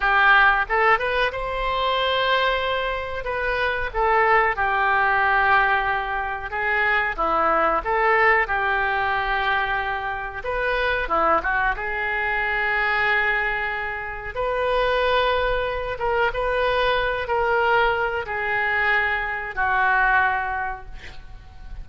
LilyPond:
\new Staff \with { instrumentName = "oboe" } { \time 4/4 \tempo 4 = 92 g'4 a'8 b'8 c''2~ | c''4 b'4 a'4 g'4~ | g'2 gis'4 e'4 | a'4 g'2. |
b'4 e'8 fis'8 gis'2~ | gis'2 b'2~ | b'8 ais'8 b'4. ais'4. | gis'2 fis'2 | }